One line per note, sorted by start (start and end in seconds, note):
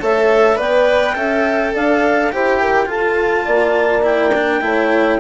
0.00 0.58 A3
0.00 0.56 A4
0.00 0.57 C#5
0.00 0.60 E5
0.56 1.16 B3
0.56 1.14 B4
0.56 1.15 D5
0.56 1.75 G5
1.15 1.73 C#4
1.15 2.31 A4
1.15 1.73 E5
1.74 2.34 D4
1.74 2.32 D5
1.74 2.33 F5
2.32 2.88 E4
2.32 2.86 G4
2.32 2.61 C5
2.32 2.90 G5
2.61 2.88 A#4
2.86 4.01 F4
2.86 3.45 F4
2.86 3.45 A4
2.86 4.05 A5
3.45 4.62 A#3
3.45 4.60 D5
4.02 4.31 E4
4.02 5.20 G5
4.34 4.61 D4
4.61 5.19 A3
4.61 5.19 E4
4.61 5.20 C#5